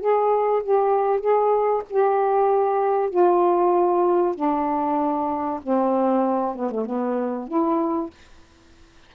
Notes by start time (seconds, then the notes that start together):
0.00 G#4
0.63 G4
1.20 G#4
1.89 G4
3.10 F4
4.35 D4
5.63 C4
6.55 B3
6.71 A3
6.85 B3
7.48 E4